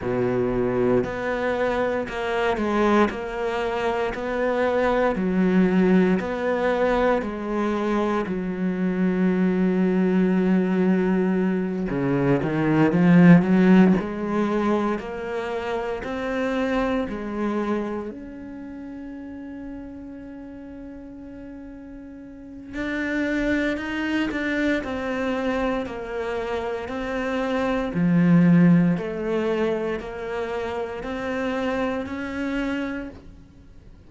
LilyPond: \new Staff \with { instrumentName = "cello" } { \time 4/4 \tempo 4 = 58 b,4 b4 ais8 gis8 ais4 | b4 fis4 b4 gis4 | fis2.~ fis8 cis8 | dis8 f8 fis8 gis4 ais4 c'8~ |
c'8 gis4 cis'2~ cis'8~ | cis'2 d'4 dis'8 d'8 | c'4 ais4 c'4 f4 | a4 ais4 c'4 cis'4 | }